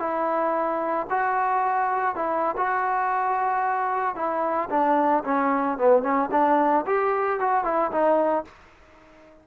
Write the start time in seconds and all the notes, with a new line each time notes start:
0.00 E4
1.10 F#4
2.16 E4
2.57 F#4
4.16 E4
4.70 D4
5.25 C#4
5.78 B3
6.03 C#4
6.32 D4
6.87 G4
7.40 F#4
7.65 E4
7.92 D#4